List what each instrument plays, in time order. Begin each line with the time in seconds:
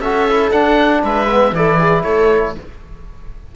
0.00 cello C#4, trombone F#4, viola A4, oboe E5
0.30 trombone E4
0.51 trombone D4, cello D4, oboe F#5
1.03 cello G#3, viola B4, oboe E5
1.30 trombone B3
1.52 cello E3, trombone E4, viola A4, oboe D5
1.78 viola G#4
2.03 cello A3, viola A4, oboe C#5